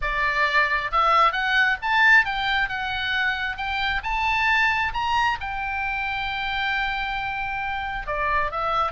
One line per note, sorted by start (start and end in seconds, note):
0.01 0.91 D5
0.91 1.32 E5
1.32 1.77 F#5
1.82 2.25 A5
2.25 2.68 G5
2.68 3.56 F#5
3.56 4.01 G5
4.03 4.92 A5
4.93 5.38 A#5
5.40 8.07 G5
8.07 8.51 D5
8.51 8.91 E5